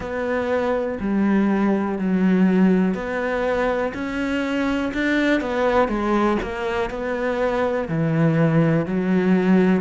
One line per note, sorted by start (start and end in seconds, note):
0.00 0.98 B3
1.00 1.98 G3
1.98 2.94 F#3
2.94 3.92 B3
3.93 4.92 C#4
4.93 5.41 D4
5.41 5.88 B3
5.88 6.37 G#3
6.42 6.89 A#3
6.89 7.88 B3
7.88 8.85 E3
8.85 9.81 F#3